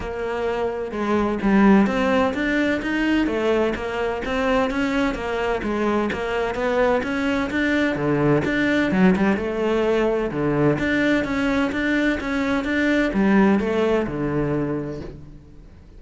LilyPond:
\new Staff \with { instrumentName = "cello" } { \time 4/4 \tempo 4 = 128 ais2 gis4 g4 | c'4 d'4 dis'4 a4 | ais4 c'4 cis'4 ais4 | gis4 ais4 b4 cis'4 |
d'4 d4 d'4 fis8 g8 | a2 d4 d'4 | cis'4 d'4 cis'4 d'4 | g4 a4 d2 | }